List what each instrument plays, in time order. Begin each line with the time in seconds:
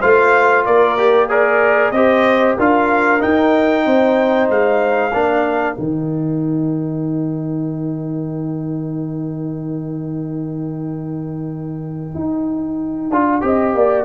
0.00 tuba A3, trombone F4, horn C5, trumpet F5
0.66 tuba A#3, horn A#4, trumpet D5
0.98 trombone G4
1.29 trombone G#4, trumpet A#4, horn D5
1.91 tuba C4, trombone G4, horn C5, trumpet D#5
2.57 tuba D4, trombone F4, horn A#4, trumpet F5
3.20 trombone D#4, tuba D#4, trumpet G5
3.86 tuba C4, horn C5
4.50 tuba G#3, trumpet F5
5.14 tuba A#3, trombone D4, horn A#4
5.75 tuba D#3, trombone D#4, trumpet G5
12.15 tuba D#4
13.11 tuba D4, trombone F4
13.42 tuba C4, trombone G4, horn D#5
13.74 tuba A#3, horn D5